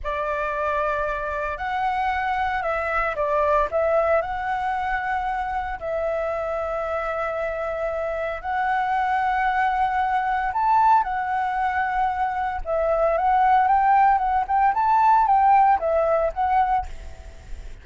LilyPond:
\new Staff \with { instrumentName = "flute" } { \time 4/4 \tempo 4 = 114 d''2. fis''4~ | fis''4 e''4 d''4 e''4 | fis''2. e''4~ | e''1 |
fis''1 | a''4 fis''2. | e''4 fis''4 g''4 fis''8 g''8 | a''4 g''4 e''4 fis''4 | }